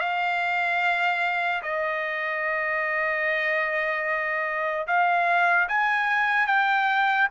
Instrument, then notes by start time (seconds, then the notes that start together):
trumpet
0.00 F5
1.63 D#5
4.88 F5
5.69 G#5
6.47 G5